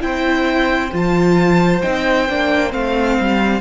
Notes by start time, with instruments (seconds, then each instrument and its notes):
0.00 cello C4, viola E4, violin C5 G5
0.92 cello F3, viola F4, violin A5
1.82 cello C4, viola D#4, violin G5
2.29 cello A#3, viola D4
2.70 cello A3, viola C4, violin F5
3.20 cello G3